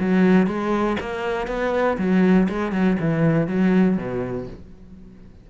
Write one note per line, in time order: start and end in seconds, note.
0.00 0.47 F#3
0.47 0.97 G#3
1.00 1.47 A#3
1.47 1.97 B3
1.98 2.48 F#3
2.49 2.72 G#3
2.72 2.97 F#3
3.00 3.47 E3
3.47 3.97 F#3
3.97 4.47 B2